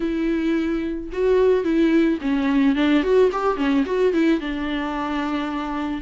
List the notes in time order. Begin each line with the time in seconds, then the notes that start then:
0.00 E4
1.12 F#4
1.63 E4
2.21 C#4
2.75 D4
3.03 F#4
3.32 G4
3.57 C#4
3.85 F#4
4.13 E4
4.40 D4